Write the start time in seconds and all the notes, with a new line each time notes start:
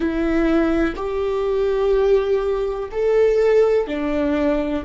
0.00 E4
0.96 G4
2.91 A4
3.87 D4